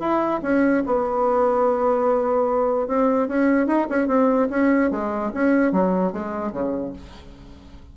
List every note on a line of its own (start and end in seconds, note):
0.00 0.41 E4
0.43 0.84 C#4
0.86 2.88 B3
2.88 3.29 C4
3.29 3.67 C#4
3.67 3.88 D#4
3.90 4.08 C#4
4.08 4.49 C4
4.50 4.91 C#4
4.91 5.32 G#3
5.34 5.73 C#4
5.73 6.13 F#3
6.13 6.53 G#3
6.53 6.93 C#3